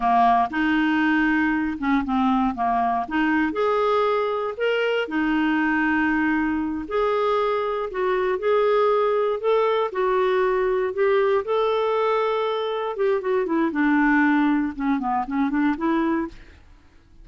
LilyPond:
\new Staff \with { instrumentName = "clarinet" } { \time 4/4 \tempo 4 = 118 ais4 dis'2~ dis'8 cis'8 | c'4 ais4 dis'4 gis'4~ | gis'4 ais'4 dis'2~ | dis'4. gis'2 fis'8~ |
fis'8 gis'2 a'4 fis'8~ | fis'4. g'4 a'4.~ | a'4. g'8 fis'8 e'8 d'4~ | d'4 cis'8 b8 cis'8 d'8 e'4 | }